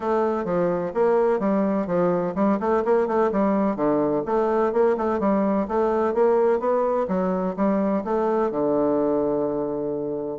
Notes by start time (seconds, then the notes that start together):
0.00 A3
0.45 F3
0.94 A#3
1.39 G3
1.86 F3
2.35 G3
2.59 A3
2.85 A#3
3.07 A3
3.32 G3
3.76 D3
4.25 A3
4.72 A#3
4.97 A3
5.19 G3
5.68 A3
6.14 A#3
6.59 B3
7.08 F#3
7.56 G3
8.04 A3
8.51 D3